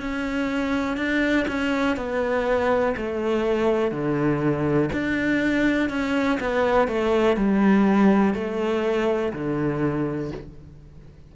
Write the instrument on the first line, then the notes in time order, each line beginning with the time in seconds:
cello
0.00 C#4
0.97 D4
1.48 C#4
1.97 B3
2.96 A3
3.91 D3
4.93 D4
5.89 C#4
6.40 B3
6.88 A3
7.36 G3
8.34 A3
9.33 D3